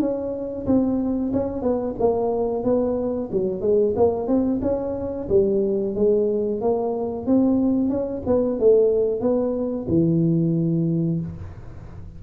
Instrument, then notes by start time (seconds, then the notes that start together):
tuba
0.00 C#4
0.66 C4
1.33 C#4
1.62 B3
1.99 A#3
2.64 B3
3.32 F#3
3.61 G#3
3.96 A#3
4.27 C4
4.62 C#4
5.29 G3
5.95 G#3
6.61 A#3
7.26 C4
7.89 C#4
8.26 B3
8.59 A3
9.20 B3
9.88 E3